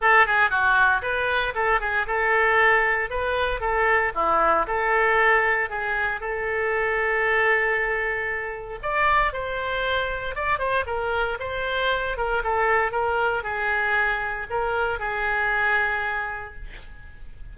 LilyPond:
\new Staff \with { instrumentName = "oboe" } { \time 4/4 \tempo 4 = 116 a'8 gis'8 fis'4 b'4 a'8 gis'8 | a'2 b'4 a'4 | e'4 a'2 gis'4 | a'1~ |
a'4 d''4 c''2 | d''8 c''8 ais'4 c''4. ais'8 | a'4 ais'4 gis'2 | ais'4 gis'2. | }